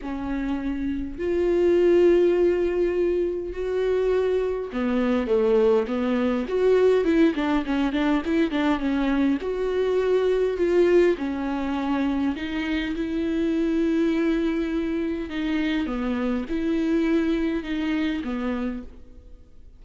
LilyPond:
\new Staff \with { instrumentName = "viola" } { \time 4/4 \tempo 4 = 102 cis'2 f'2~ | f'2 fis'2 | b4 a4 b4 fis'4 | e'8 d'8 cis'8 d'8 e'8 d'8 cis'4 |
fis'2 f'4 cis'4~ | cis'4 dis'4 e'2~ | e'2 dis'4 b4 | e'2 dis'4 b4 | }